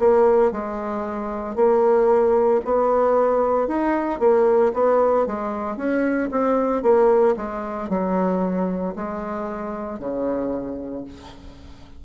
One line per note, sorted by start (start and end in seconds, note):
0.00 0.52 A#3
0.52 1.56 G#3
1.56 2.61 A#3
2.66 3.68 B3
3.68 4.20 D#4
4.20 4.73 A#3
4.74 5.27 B3
5.27 5.78 G#3
5.78 6.30 C#4
6.32 6.83 C4
6.83 7.35 A#3
7.37 7.89 G#3
7.89 8.95 F#3
8.96 10.00 G#3
10.00 11.05 C#3